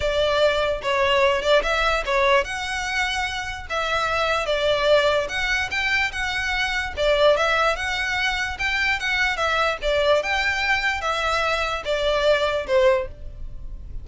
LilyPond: \new Staff \with { instrumentName = "violin" } { \time 4/4 \tempo 4 = 147 d''2 cis''4. d''8 | e''4 cis''4 fis''2~ | fis''4 e''2 d''4~ | d''4 fis''4 g''4 fis''4~ |
fis''4 d''4 e''4 fis''4~ | fis''4 g''4 fis''4 e''4 | d''4 g''2 e''4~ | e''4 d''2 c''4 | }